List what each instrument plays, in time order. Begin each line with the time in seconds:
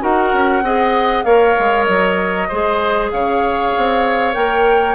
0.00 bassoon D#4, clarinet F#4, oboe A#4, flute F#5
0.33 bassoon C#4
0.62 bassoon C4, clarinet G#4, oboe D#5
1.24 bassoon A#3, clarinet A#4, oboe C#5, flute F5
1.59 bassoon G#3
1.84 bassoon F#3, flute D#5
2.48 bassoon G#3, clarinet G#4, oboe C5
3.11 bassoon C#3, oboe C#5, flute F5
3.77 bassoon C4
4.33 bassoon A#3, clarinet A#4, flute G5